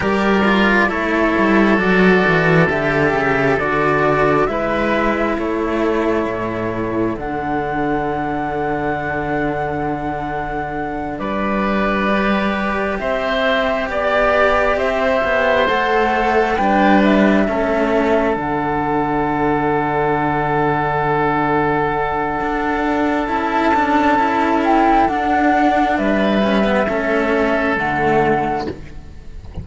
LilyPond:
<<
  \new Staff \with { instrumentName = "flute" } { \time 4/4 \tempo 4 = 67 d''4 cis''4 d''4 e''4 | d''4 e''4 cis''2 | fis''1~ | fis''8 d''2 e''4 d''8~ |
d''8 e''4 fis''4 g''8 e''4~ | e''8 fis''2.~ fis''8~ | fis''2 a''4. g''8 | fis''4 e''2 fis''4 | }
  \new Staff \with { instrumentName = "oboe" } { \time 4/4 ais'4 a'2.~ | a'4 b'4 a'2~ | a'1~ | a'8 b'2 c''4 d''8~ |
d''8 c''2 b'4 a'8~ | a'1~ | a'1~ | a'4 b'4 a'2 | }
  \new Staff \with { instrumentName = "cello" } { \time 4/4 g'8 f'8 e'4 fis'4 g'4 | fis'4 e'2. | d'1~ | d'4. g'2~ g'8~ |
g'4. a'4 d'4 cis'8~ | cis'8 d'2.~ d'8~ | d'2 e'8 d'8 e'4 | d'4. cis'16 b16 cis'4 a4 | }
  \new Staff \with { instrumentName = "cello" } { \time 4/4 g4 a8 g8 fis8 e8 d8 cis8 | d4 gis4 a4 a,4 | d1~ | d8 g2 c'4 b8~ |
b8 c'8 b8 a4 g4 a8~ | a8 d2.~ d8~ | d4 d'4 cis'2 | d'4 g4 a4 d4 | }
>>